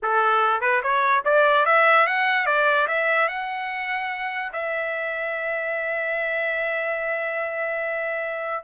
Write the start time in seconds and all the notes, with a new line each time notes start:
0.02 A4
0.61 B4
0.82 C#5
1.24 D5
1.65 E5
2.06 F#5
2.46 D5
2.87 E5
3.28 F#5
4.52 E5